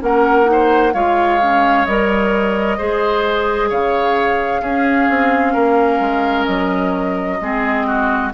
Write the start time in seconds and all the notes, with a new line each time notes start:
0.00 A#3 C#4 A#4 F#5
0.45 D#4
0.52 C5
0.94 G#3 F4 C#5 F5
1.42 C#4
1.86 G3 A#4 D#5
2.78 G#3 G#4 C5
3.69 C#3 C#5 F5
4.62 C#4 G#4
5.09 C4
5.53 A#3 A#4
6.00 G#3
6.46 F#3 D#5
7.41 G#3 C4 G#4
7.87 F#4